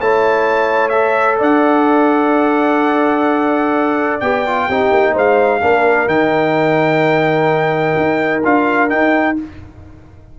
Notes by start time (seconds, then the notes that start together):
0.00 A3 E4 C#5 A5
0.89 A4 E5
1.39 D4 D5 F#5
4.20 B3 G4 G5
4.47 F4
4.68 C4 D#4 G4
4.91 A#3
5.13 G#3 C5 F5
5.61 A#3 D4 A#4
6.07 D#3 D#4 G5
7.97 D#4
8.44 D4 F4 F5
8.89 D#4 G5